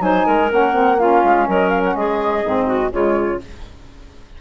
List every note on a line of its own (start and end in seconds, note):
0.00 0.24 F#3
0.00 0.49 D#4
0.00 0.26 C5
0.00 0.50 G#5
0.26 0.52 G#3
0.26 0.99 A#4
0.49 1.24 A#3
0.49 0.73 C#4
0.49 0.99 F#5
0.73 0.97 C4
0.99 2.44 C#4
0.99 1.47 F4
0.99 1.48 F5
1.24 1.48 G#3
1.47 1.95 F#3
1.47 1.95 A#4
1.47 1.69 D#5
1.69 1.81 F5
1.85 1.95 F#5
1.95 2.43 G#3
1.95 2.66 G#4
1.95 2.92 D#5
2.44 2.92 G#2
2.44 2.91 C4
2.66 2.90 F#4
2.91 3.41 C#3
2.91 3.39 G#3
2.91 3.40 F4
2.91 3.41 C#5